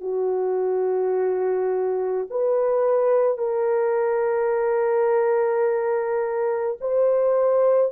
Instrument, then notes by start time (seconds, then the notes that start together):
horn
0.00 F#4
2.30 B4
3.38 A#4
6.80 C5